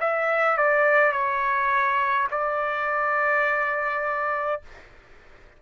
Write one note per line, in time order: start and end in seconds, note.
0.00 0.57 E5
0.57 1.12 D5
1.12 2.28 C#5
2.31 4.62 D5